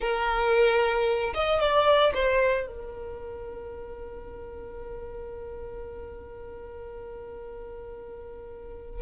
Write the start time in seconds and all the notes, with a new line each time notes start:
0.00 A#4
1.34 D#5
1.60 D5
2.14 C5
2.66 A#4